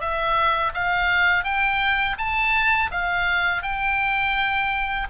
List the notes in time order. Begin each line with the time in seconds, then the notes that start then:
0.00 E5
0.74 F5
1.44 G5
2.18 A5
2.91 F5
3.62 G5